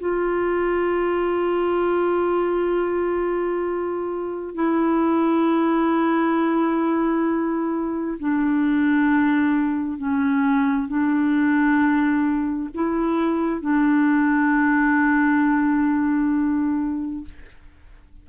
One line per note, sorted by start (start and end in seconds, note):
0.00 4.55 F4
4.55 8.18 E4
8.19 9.98 D4
9.98 10.88 C#4
10.88 12.69 D4
12.74 13.61 E4
13.61 17.25 D4